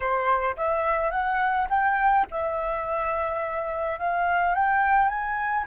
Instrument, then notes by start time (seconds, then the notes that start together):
flute
0.00 C5
0.56 E5
1.10 F#5
1.69 G5
2.31 E5
3.99 F5
4.54 G5
5.08 G#5